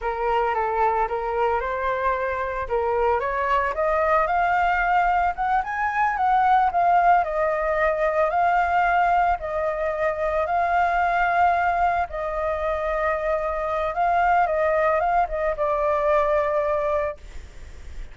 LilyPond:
\new Staff \with { instrumentName = "flute" } { \time 4/4 \tempo 4 = 112 ais'4 a'4 ais'4 c''4~ | c''4 ais'4 cis''4 dis''4 | f''2 fis''8 gis''4 fis''8~ | fis''8 f''4 dis''2 f''8~ |
f''4. dis''2 f''8~ | f''2~ f''8 dis''4.~ | dis''2 f''4 dis''4 | f''8 dis''8 d''2. | }